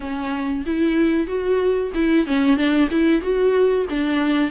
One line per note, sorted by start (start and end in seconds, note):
0.00 0.65 C#4
0.65 1.27 E4
1.27 1.91 F#4
1.94 2.26 E4
2.26 2.56 C#4
2.56 2.89 D4
2.90 3.21 E4
3.21 3.86 F#4
3.89 4.50 D4